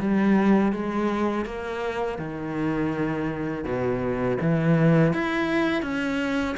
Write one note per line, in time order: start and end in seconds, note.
0.00 0.73 G3
0.73 1.46 G#3
1.46 2.19 A#3
2.19 3.65 D#3
3.65 4.38 B2
4.41 5.14 E3
5.14 5.83 E4
5.83 6.56 C#4